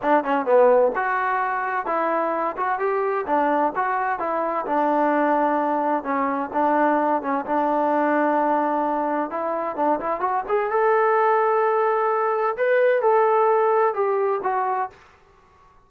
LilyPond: \new Staff \with { instrumentName = "trombone" } { \time 4/4 \tempo 4 = 129 d'8 cis'8 b4 fis'2 | e'4. fis'8 g'4 d'4 | fis'4 e'4 d'2~ | d'4 cis'4 d'4. cis'8 |
d'1 | e'4 d'8 e'8 fis'8 gis'8 a'4~ | a'2. b'4 | a'2 g'4 fis'4 | }